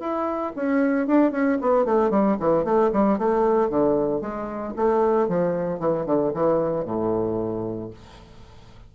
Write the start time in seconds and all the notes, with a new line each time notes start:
0.00 E4
0.56 C#4
1.07 D4
1.32 C#4
1.61 B3
1.85 A3
2.11 G3
2.40 E3
2.65 A3
2.93 G3
3.18 A3
3.70 D3
4.21 G#3
4.77 A3
5.29 F3
5.80 E3
6.06 D3
6.34 E3
6.85 A2